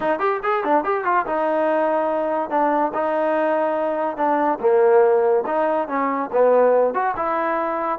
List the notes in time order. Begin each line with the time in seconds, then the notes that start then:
0.00 D#4
0.19 G4
0.43 G#4
0.64 D4
0.84 G4
1.04 F4
1.26 D#4
2.49 D4
2.94 D#4
4.17 D4
4.60 A#3
5.46 D#4
5.88 C#4
6.32 B3
6.94 F#4
7.16 E4